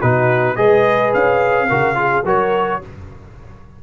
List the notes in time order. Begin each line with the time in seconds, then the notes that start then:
0.00 B2 D#4 F#4 B4
0.56 G#3 G#4 B4 D#5
1.14 C#4 F5
1.68 C#3 F#4 A#4
1.95 F4 G#4
2.25 F#3 F#4 A#4 C#5